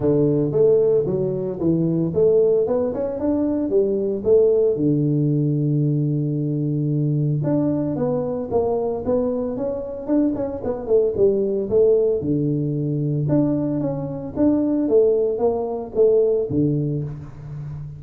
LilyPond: \new Staff \with { instrumentName = "tuba" } { \time 4/4 \tempo 4 = 113 d4 a4 fis4 e4 | a4 b8 cis'8 d'4 g4 | a4 d2.~ | d2 d'4 b4 |
ais4 b4 cis'4 d'8 cis'8 | b8 a8 g4 a4 d4~ | d4 d'4 cis'4 d'4 | a4 ais4 a4 d4 | }